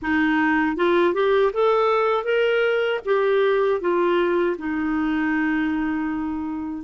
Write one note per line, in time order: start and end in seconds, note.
0.02 0.76 D#4
0.76 1.14 F4
1.14 1.52 G4
1.53 2.24 A4
2.24 3.00 A#4
3.05 3.80 G4
3.80 4.56 F4
4.58 6.84 D#4